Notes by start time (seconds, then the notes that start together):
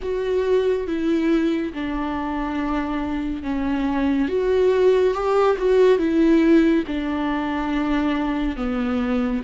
0.02 F#4
0.86 E4
1.73 D4
3.42 C#4
4.28 F#4
5.14 G4
5.58 F#4
5.98 E4
6.87 D4
8.56 B3